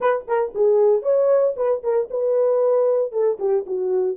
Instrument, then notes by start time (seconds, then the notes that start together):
horn
0.00 B4
0.27 A#4
0.54 G#4
1.02 C#5
1.56 B4
1.83 A#4
2.10 B4
3.12 A4
3.39 G4
3.66 F#4